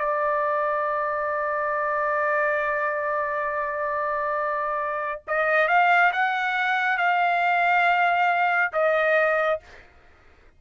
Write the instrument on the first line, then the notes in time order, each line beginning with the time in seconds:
trumpet
0.00 D5
5.28 D#5
5.68 F5
6.13 F#5
6.98 F5
8.73 D#5